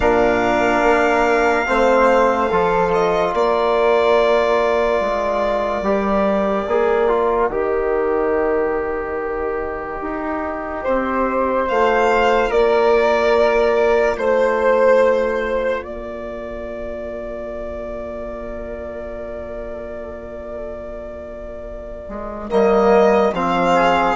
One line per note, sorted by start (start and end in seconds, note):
0.00 0.82 A#2
0.00 1.65 D4
0.00 1.67 A#4
0.00 2.91 F5
0.82 1.66 A#3
1.66 2.51 A3
1.66 2.49 C4
1.66 2.50 C5
2.50 3.33 F3
2.50 5.84 F4
2.50 3.33 A4
2.92 3.34 D#5
3.33 5.00 A#3
3.33 10.83 A#4
3.33 7.51 D5
5.00 5.81 G#3
5.81 6.64 G3
5.81 6.67 G4
6.67 7.50 A#3
6.67 7.08 G#4
7.08 7.50 F4
7.50 10.00 D#3
7.50 11.66 G4
7.50 11.68 D#5
10.01 10.84 D#4
10.83 11.69 C4
10.83 12.49 C5
11.66 12.50 A3
11.66 22.49 F4
11.66 12.51 F5
12.49 14.17 A#3
12.49 14.15 A#4
12.49 14.17 D5
14.17 15.83 A3
14.17 15.82 C5
14.17 15.84 C5
15.82 22.08 A#3
15.82 23.74 A#4
15.82 22.49 D5
22.08 22.50 G#3
22.49 23.32 G3
22.49 23.32 A#3
22.49 23.33 D#5
23.32 24.15 F3
23.32 24.15 C4
23.32 24.15 F5
23.74 24.15 G#4